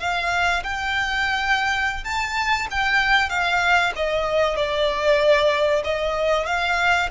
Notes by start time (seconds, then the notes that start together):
0.00 F5
0.63 G5
2.04 A5
2.71 G5
3.30 F5
3.96 D#5
4.56 D5
5.84 D#5
6.46 F5